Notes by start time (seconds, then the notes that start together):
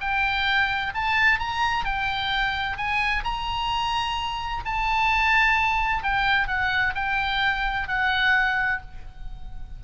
0.00 G5
0.94 A5
1.39 A#5
1.85 G5
2.77 G#5
3.23 A#5
4.65 A5
6.03 G5
6.47 F#5
6.95 G5
7.88 F#5